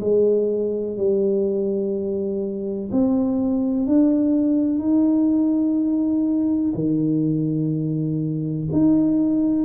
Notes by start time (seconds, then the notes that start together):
0.00 G#3
0.97 G3
2.92 C4
3.87 D4
4.79 D#4
6.74 D#3
8.72 D#4